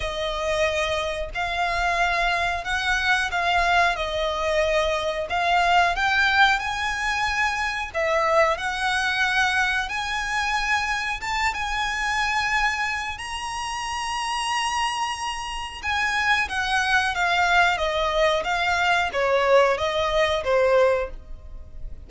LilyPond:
\new Staff \with { instrumentName = "violin" } { \time 4/4 \tempo 4 = 91 dis''2 f''2 | fis''4 f''4 dis''2 | f''4 g''4 gis''2 | e''4 fis''2 gis''4~ |
gis''4 a''8 gis''2~ gis''8 | ais''1 | gis''4 fis''4 f''4 dis''4 | f''4 cis''4 dis''4 c''4 | }